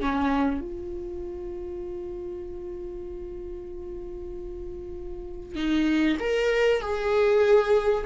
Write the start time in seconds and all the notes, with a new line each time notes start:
0.00 C#4
0.60 F4
5.55 D#4
6.19 A#4
6.81 G#4